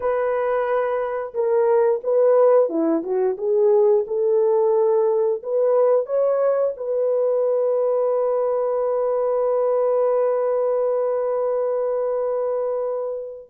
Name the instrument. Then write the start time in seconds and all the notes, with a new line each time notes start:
horn
0.00 B4
1.34 A#4
2.03 B4
2.69 E4
3.03 F#4
3.37 G#4
4.07 A4
5.43 B4
6.06 C#5
6.76 B4